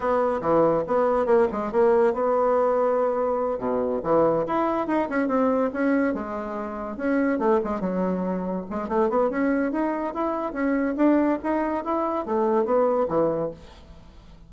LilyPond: \new Staff \with { instrumentName = "bassoon" } { \time 4/4 \tempo 4 = 142 b4 e4 b4 ais8 gis8 | ais4 b2.~ | b8 b,4 e4 e'4 dis'8 | cis'8 c'4 cis'4 gis4.~ |
gis8 cis'4 a8 gis8 fis4.~ | fis8 gis8 a8 b8 cis'4 dis'4 | e'4 cis'4 d'4 dis'4 | e'4 a4 b4 e4 | }